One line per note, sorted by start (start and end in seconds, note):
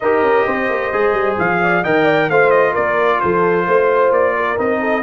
0.00 0.21 D#4
0.00 0.93 G4
0.00 0.46 A#4
0.00 1.36 D#5
0.21 0.44 C#4
0.46 0.69 C4
0.46 1.61 C5
0.69 0.92 A#3
0.92 1.13 G#3
0.92 1.84 G#4
1.13 1.36 G3
1.38 1.84 F3
1.38 1.84 F5
1.62 1.83 D5
1.83 2.29 D#3
1.83 2.30 A#4
1.83 2.04 D#5
1.83 2.30 G5
2.04 2.27 D5
2.29 2.75 A3
2.29 4.57 F4
2.29 2.72 C5
2.29 2.50 F5
2.50 2.73 D#5
2.72 3.22 A#3
2.72 3.18 A#4
2.72 3.20 D5
3.20 3.67 F3
3.20 3.66 A4
3.20 4.11 C5
3.66 4.10 A3
3.66 4.34 C5
4.10 4.56 A#3
4.10 4.58 D5
4.36 4.80 A#4
4.57 5.03 C4
4.57 5.03 D#4
4.57 5.03 D#5
4.80 5.03 A4